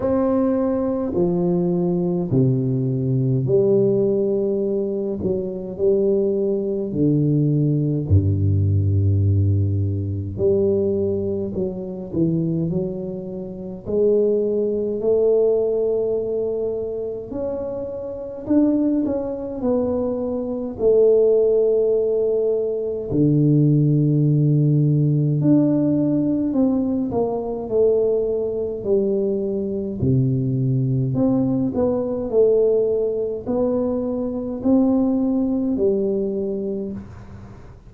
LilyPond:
\new Staff \with { instrumentName = "tuba" } { \time 4/4 \tempo 4 = 52 c'4 f4 c4 g4~ | g8 fis8 g4 d4 g,4~ | g,4 g4 fis8 e8 fis4 | gis4 a2 cis'4 |
d'8 cis'8 b4 a2 | d2 d'4 c'8 ais8 | a4 g4 c4 c'8 b8 | a4 b4 c'4 g4 | }